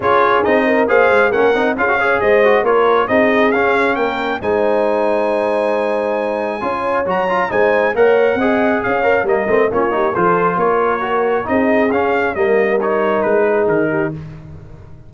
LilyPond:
<<
  \new Staff \with { instrumentName = "trumpet" } { \time 4/4 \tempo 4 = 136 cis''4 dis''4 f''4 fis''4 | f''4 dis''4 cis''4 dis''4 | f''4 g''4 gis''2~ | gis''1 |
ais''4 gis''4 fis''2 | f''4 dis''4 cis''4 c''4 | cis''2 dis''4 f''4 | dis''4 cis''4 b'4 ais'4 | }
  \new Staff \with { instrumentName = "horn" } { \time 4/4 gis'4. ais'8 c''4 ais'4 | gis'8 cis''8 c''4 ais'4 gis'4~ | gis'4 ais'4 c''2~ | c''2. cis''4~ |
cis''4 c''4 cis''4 dis''4 | cis''4 ais'4 f'8 g'8 a'4 | ais'2 gis'2 | ais'2~ ais'8 gis'4 g'8 | }
  \new Staff \with { instrumentName = "trombone" } { \time 4/4 f'4 dis'4 gis'4 cis'8 dis'8 | f'16 fis'16 gis'4 fis'8 f'4 dis'4 | cis'2 dis'2~ | dis'2. f'4 |
fis'8 f'8 dis'4 ais'4 gis'4~ | gis'8 ais'8 ais8 c'8 cis'8 dis'8 f'4~ | f'4 fis'4 dis'4 cis'4 | ais4 dis'2. | }
  \new Staff \with { instrumentName = "tuba" } { \time 4/4 cis'4 c'4 ais8 gis8 ais8 c'8 | cis'4 gis4 ais4 c'4 | cis'4 ais4 gis2~ | gis2. cis'4 |
fis4 gis4 ais4 c'4 | cis'4 g8 a8 ais4 f4 | ais2 c'4 cis'4 | g2 gis4 dis4 | }
>>